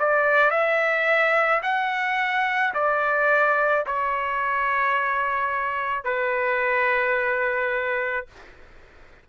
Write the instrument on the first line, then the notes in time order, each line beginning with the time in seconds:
trumpet
0.00 D5
0.51 E5
1.63 F#5
2.74 D5
3.86 C#5
6.05 B4